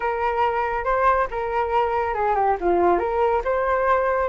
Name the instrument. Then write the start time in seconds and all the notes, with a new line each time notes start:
flute
0.00 A#4
0.84 C5
1.30 A#4
2.14 G#4
2.35 G4
2.60 F4
2.99 A#4
3.44 C5